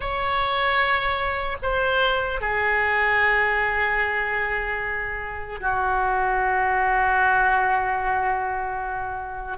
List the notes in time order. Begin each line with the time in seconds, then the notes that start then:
0.00 C#5
1.62 C5
2.40 G#4
5.60 F#4